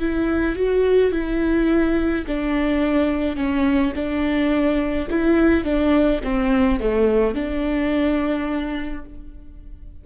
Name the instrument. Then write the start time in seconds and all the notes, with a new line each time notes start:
viola
0.00 E4
0.56 F#4
1.12 E4
2.27 D4
3.37 C#4
3.95 D4
5.11 E4
5.64 D4
6.24 C4
6.80 A3
7.35 D4